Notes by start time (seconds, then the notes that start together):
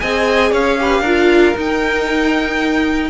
0.00 C4 G#4 D#5 G#5
0.52 C#4 C#5 F5
0.79 G4 B4
1.01 D4 F4 A#4
1.55 D#4 G5